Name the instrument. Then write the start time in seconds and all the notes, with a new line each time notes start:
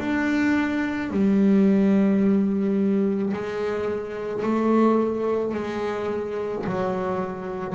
double bass
0.00 D4
1.11 G3
3.34 G#3
4.43 A3
5.55 G#3
6.67 F#3